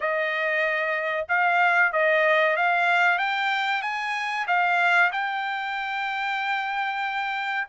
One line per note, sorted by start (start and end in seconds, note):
0.00 1.26 D#5
1.28 1.92 F5
1.92 2.56 D#5
2.56 3.18 F5
3.18 3.82 G5
3.82 4.45 G#5
4.47 5.11 F5
5.12 7.67 G5